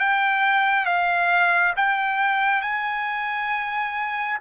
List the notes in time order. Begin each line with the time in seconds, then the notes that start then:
0.00 G5
0.86 F5
1.76 G5
2.62 G#5